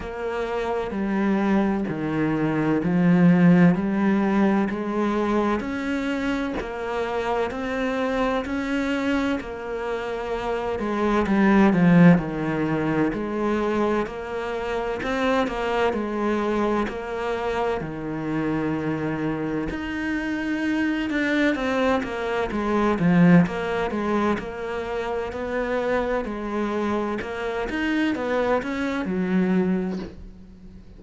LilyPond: \new Staff \with { instrumentName = "cello" } { \time 4/4 \tempo 4 = 64 ais4 g4 dis4 f4 | g4 gis4 cis'4 ais4 | c'4 cis'4 ais4. gis8 | g8 f8 dis4 gis4 ais4 |
c'8 ais8 gis4 ais4 dis4~ | dis4 dis'4. d'8 c'8 ais8 | gis8 f8 ais8 gis8 ais4 b4 | gis4 ais8 dis'8 b8 cis'8 fis4 | }